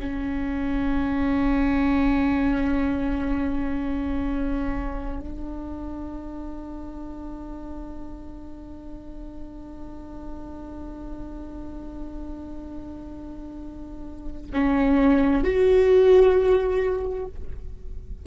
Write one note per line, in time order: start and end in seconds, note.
0.00 5.20 C#4
5.20 14.52 D4
14.53 15.44 C#4
15.44 17.26 F#4